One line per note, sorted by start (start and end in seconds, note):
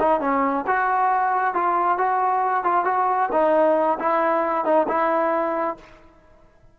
0.00 0.21 D#4
0.21 0.65 C#4
0.67 1.55 F#4
1.55 1.98 F4
1.98 2.64 F#4
2.64 2.85 F4
2.85 3.29 F#4
3.32 3.99 D#4
3.99 4.65 E4
4.65 4.87 D#4
4.88 5.77 E4